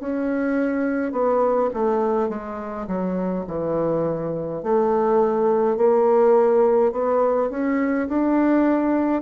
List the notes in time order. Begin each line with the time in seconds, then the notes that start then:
0.00 C#4
1.12 B3
1.73 A3
2.29 G#3
2.87 F#3
3.47 E3
4.63 A3
5.76 A#3
6.92 B3
7.50 C#4
8.08 D4